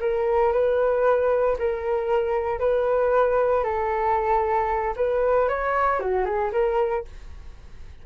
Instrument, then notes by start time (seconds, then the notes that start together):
flute
0.00 A#4
0.52 B4
1.58 A#4
2.59 B4
3.64 A4
4.96 B4
5.48 C#5
5.99 F#4
6.25 G#4
6.52 A#4